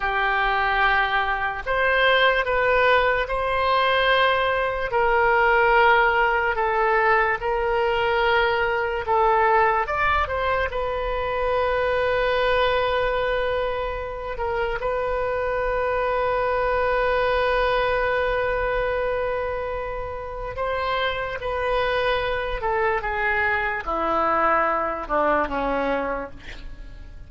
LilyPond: \new Staff \with { instrumentName = "oboe" } { \time 4/4 \tempo 4 = 73 g'2 c''4 b'4 | c''2 ais'2 | a'4 ais'2 a'4 | d''8 c''8 b'2.~ |
b'4. ais'8 b'2~ | b'1~ | b'4 c''4 b'4. a'8 | gis'4 e'4. d'8 cis'4 | }